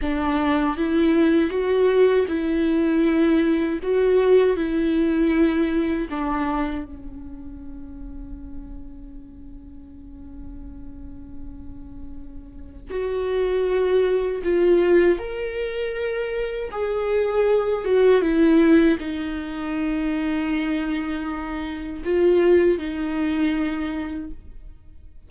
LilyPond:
\new Staff \with { instrumentName = "viola" } { \time 4/4 \tempo 4 = 79 d'4 e'4 fis'4 e'4~ | e'4 fis'4 e'2 | d'4 cis'2.~ | cis'1~ |
cis'4 fis'2 f'4 | ais'2 gis'4. fis'8 | e'4 dis'2.~ | dis'4 f'4 dis'2 | }